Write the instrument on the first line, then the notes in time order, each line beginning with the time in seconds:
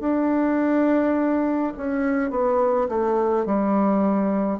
bassoon
0.00 D4
1.77 C#4
2.31 B3
2.89 A3
3.46 G3